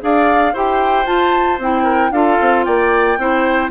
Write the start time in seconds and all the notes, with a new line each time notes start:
0.00 D4 G#4 D5 F5
0.54 E4 G4 C5 G5
1.05 F4 A5
1.58 C4 E4 G5
1.83 A#4
2.11 D4 F4 A4 F5
2.41 C4
2.64 A#3 D5 G5
3.18 C4 E4 C5